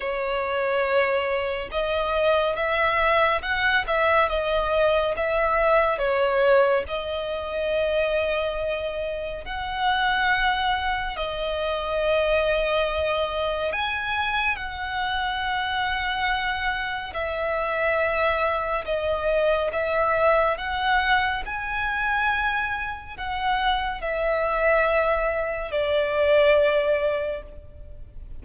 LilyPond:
\new Staff \with { instrumentName = "violin" } { \time 4/4 \tempo 4 = 70 cis''2 dis''4 e''4 | fis''8 e''8 dis''4 e''4 cis''4 | dis''2. fis''4~ | fis''4 dis''2. |
gis''4 fis''2. | e''2 dis''4 e''4 | fis''4 gis''2 fis''4 | e''2 d''2 | }